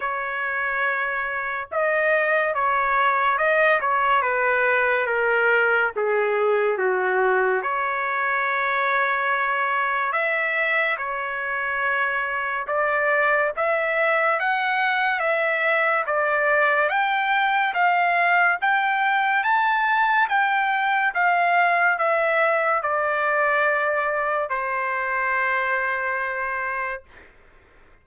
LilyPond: \new Staff \with { instrumentName = "trumpet" } { \time 4/4 \tempo 4 = 71 cis''2 dis''4 cis''4 | dis''8 cis''8 b'4 ais'4 gis'4 | fis'4 cis''2. | e''4 cis''2 d''4 |
e''4 fis''4 e''4 d''4 | g''4 f''4 g''4 a''4 | g''4 f''4 e''4 d''4~ | d''4 c''2. | }